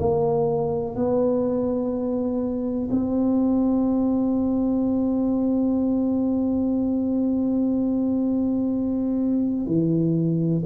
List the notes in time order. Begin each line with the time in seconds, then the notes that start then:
0.00 A#3
0.96 B3
2.92 C4
9.67 E3